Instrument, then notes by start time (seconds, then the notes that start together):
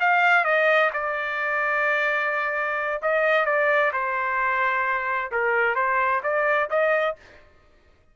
trumpet
0.00 F5
0.44 D#5
0.93 D5
3.02 D#5
3.46 D5
3.93 C5
5.32 A#4
5.75 C5
6.23 D5
6.70 D#5